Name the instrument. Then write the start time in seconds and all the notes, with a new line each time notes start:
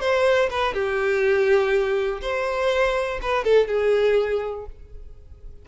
violin
0.00 C5
0.50 B4
0.73 G4
2.21 C5
3.22 B4
3.44 A4
3.67 G#4